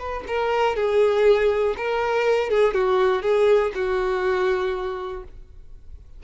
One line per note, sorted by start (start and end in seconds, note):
0.00 0.25 B4
0.28 0.76 A#4
0.76 1.75 G#4
1.78 2.50 A#4
2.50 2.74 G#4
2.74 3.23 F#4
3.23 3.72 G#4
3.75 5.24 F#4